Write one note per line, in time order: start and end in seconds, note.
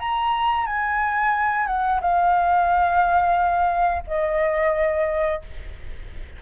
0.00 0.66 A#5
0.66 1.67 G#5
1.67 2.00 F#5
2.01 4.04 F5
4.08 5.42 D#5